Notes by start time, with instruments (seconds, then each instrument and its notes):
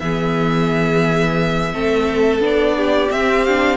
0.00 cello E3, viola B3, violin G#4 E5
1.73 cello A3, viola C4, violin A4
2.41 cello B3, viola D4, violin D5
2.77 violin G4
3.11 viola C4, cello C4, violin E5
3.45 viola D4, violin F5